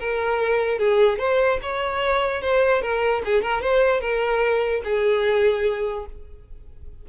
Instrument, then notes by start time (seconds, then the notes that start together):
violin
0.00 A#4
0.79 G#4
1.19 C5
1.62 C#5
2.42 C5
2.82 A#4
3.25 G#4
3.42 A#4
3.62 C5
4.01 A#4
4.84 G#4